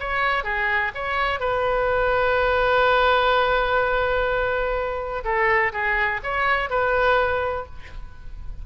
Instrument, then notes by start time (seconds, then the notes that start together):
oboe
0.00 C#5
0.44 G#4
0.95 C#5
1.40 B4
5.24 A4
5.73 G#4
6.24 C#5
6.70 B4